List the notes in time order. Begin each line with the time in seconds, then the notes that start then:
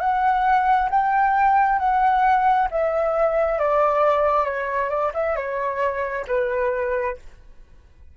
0.00 F#5
0.90 G5
1.79 F#5
2.71 E5
3.59 D5
4.45 C#5
4.90 D5
5.15 E5
5.36 C#5
6.28 B4